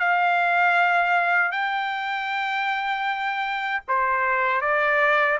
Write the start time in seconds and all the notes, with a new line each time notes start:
0.00 F5
1.52 G5
3.88 C5
4.62 D5